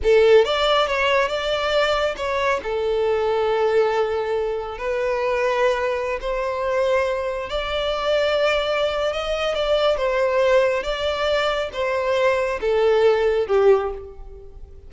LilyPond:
\new Staff \with { instrumentName = "violin" } { \time 4/4 \tempo 4 = 138 a'4 d''4 cis''4 d''4~ | d''4 cis''4 a'2~ | a'2. b'4~ | b'2~ b'16 c''4.~ c''16~ |
c''4~ c''16 d''2~ d''8.~ | d''4 dis''4 d''4 c''4~ | c''4 d''2 c''4~ | c''4 a'2 g'4 | }